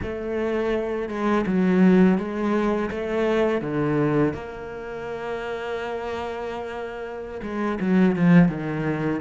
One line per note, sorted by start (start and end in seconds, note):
0.02 1.08 A3
1.08 1.45 G#3
1.46 2.18 F#3
2.18 2.90 G#3
2.90 3.61 A3
3.61 4.33 D3
4.33 7.41 A#3
7.42 7.78 G#3
7.79 8.15 F#3
8.15 8.48 F3
8.48 9.20 D#3